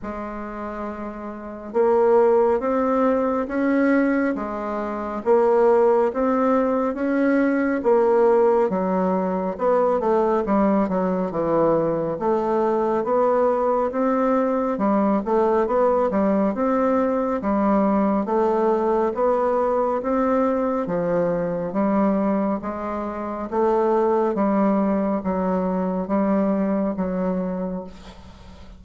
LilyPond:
\new Staff \with { instrumentName = "bassoon" } { \time 4/4 \tempo 4 = 69 gis2 ais4 c'4 | cis'4 gis4 ais4 c'4 | cis'4 ais4 fis4 b8 a8 | g8 fis8 e4 a4 b4 |
c'4 g8 a8 b8 g8 c'4 | g4 a4 b4 c'4 | f4 g4 gis4 a4 | g4 fis4 g4 fis4 | }